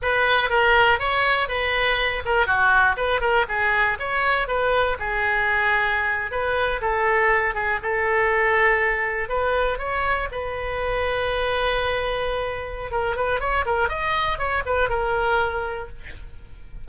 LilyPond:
\new Staff \with { instrumentName = "oboe" } { \time 4/4 \tempo 4 = 121 b'4 ais'4 cis''4 b'4~ | b'8 ais'8 fis'4 b'8 ais'8 gis'4 | cis''4 b'4 gis'2~ | gis'8. b'4 a'4. gis'8 a'16~ |
a'2~ a'8. b'4 cis''16~ | cis''8. b'2.~ b'16~ | b'2 ais'8 b'8 cis''8 ais'8 | dis''4 cis''8 b'8 ais'2 | }